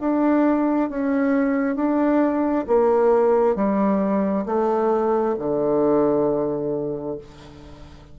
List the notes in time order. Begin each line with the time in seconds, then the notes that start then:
0.00 D4
0.90 C#4
1.75 D4
2.67 A#3
3.55 G3
4.46 A3
5.39 D3